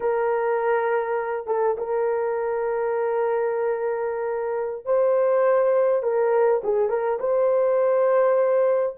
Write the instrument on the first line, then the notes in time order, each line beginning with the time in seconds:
horn
0.00 A#4
1.47 A4
1.77 A#4
4.85 C5
6.02 A#4
6.63 G#4
6.89 A#4
7.19 C5